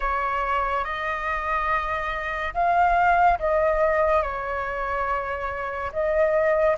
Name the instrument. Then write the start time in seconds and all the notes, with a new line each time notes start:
flute
0.00 C#5
0.84 D#5
2.54 F5
3.39 D#5
4.22 C#5
5.92 D#5